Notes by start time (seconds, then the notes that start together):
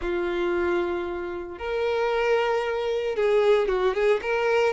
0.01 F4
1.58 A#4
3.16 G#4
3.68 F#4
3.94 G#4
4.22 A#4